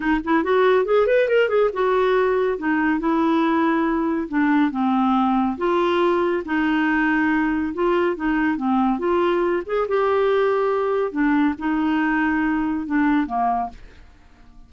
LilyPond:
\new Staff \with { instrumentName = "clarinet" } { \time 4/4 \tempo 4 = 140 dis'8 e'8 fis'4 gis'8 b'8 ais'8 gis'8 | fis'2 dis'4 e'4~ | e'2 d'4 c'4~ | c'4 f'2 dis'4~ |
dis'2 f'4 dis'4 | c'4 f'4. gis'8 g'4~ | g'2 d'4 dis'4~ | dis'2 d'4 ais4 | }